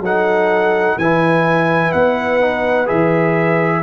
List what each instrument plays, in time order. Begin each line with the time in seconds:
0.00 tuba F#3, trombone D#4, horn A4, trumpet F#5
0.98 tuba E3, trombone E4, horn B4, trumpet G#5
1.93 tuba B3, trumpet F#5
2.40 trombone D#4
2.86 tuba E3, trombone G#4, trumpet E5